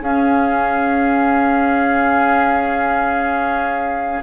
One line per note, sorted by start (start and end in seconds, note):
0.00 4.21 C#4
0.00 4.22 C#4
0.00 4.22 G#4
0.00 4.22 F5